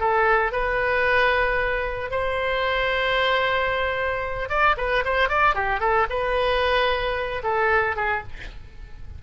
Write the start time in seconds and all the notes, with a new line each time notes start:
0.00 A4
0.53 B4
2.11 C5
4.50 D5
4.78 B4
5.05 C5
5.29 D5
5.55 G4
5.80 A4
6.10 B4
7.44 A4
7.97 G#4